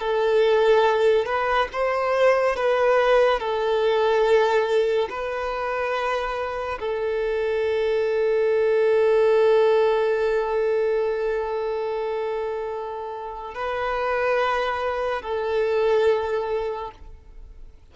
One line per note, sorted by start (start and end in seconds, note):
0.00 1.26 A4
1.26 1.68 B4
1.72 2.56 C5
2.56 3.40 B4
3.40 5.09 A4
5.10 6.79 B4
6.80 13.55 A4
13.55 15.22 B4
15.22 16.91 A4